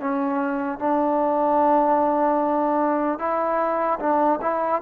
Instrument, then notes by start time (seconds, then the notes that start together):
trombone
0.00 C#4
0.79 D4
3.19 E4
3.99 D4
4.41 E4